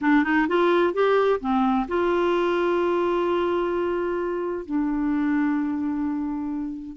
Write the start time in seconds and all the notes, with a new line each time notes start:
0.01 D4
0.23 D#4
0.48 F4
0.93 G4
1.40 C4
1.88 F4
4.65 D4